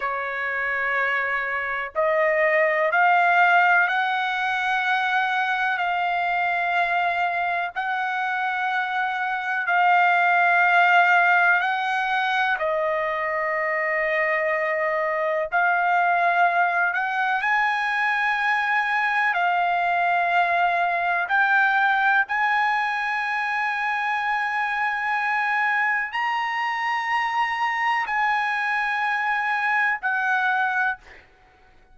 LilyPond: \new Staff \with { instrumentName = "trumpet" } { \time 4/4 \tempo 4 = 62 cis''2 dis''4 f''4 | fis''2 f''2 | fis''2 f''2 | fis''4 dis''2. |
f''4. fis''8 gis''2 | f''2 g''4 gis''4~ | gis''2. ais''4~ | ais''4 gis''2 fis''4 | }